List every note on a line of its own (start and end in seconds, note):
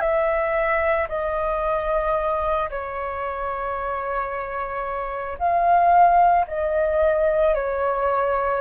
0.00 1.07 E5
1.09 2.69 D#5
2.70 5.38 C#5
5.39 6.46 F5
6.47 7.54 D#5
7.54 8.61 C#5